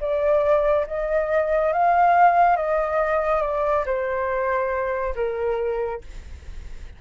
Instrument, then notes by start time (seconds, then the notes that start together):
flute
0.00 D5
0.86 D#5
1.72 F5
2.56 D#5
3.41 D5
3.85 C5
5.15 A#4